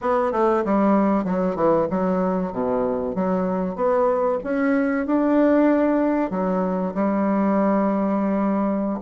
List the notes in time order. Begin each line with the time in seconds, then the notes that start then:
0.01 B3
0.32 A3
0.64 G3
1.24 F#3
1.55 E3
1.90 F#3
2.52 B2
3.15 F#3
3.75 B3
4.43 C#4
5.06 D4
6.30 F#3
6.94 G3